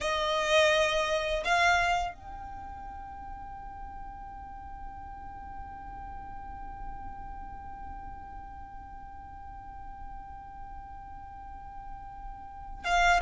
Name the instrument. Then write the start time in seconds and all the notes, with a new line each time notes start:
violin
0.00 D#5
1.44 F5
2.14 G5
12.84 F5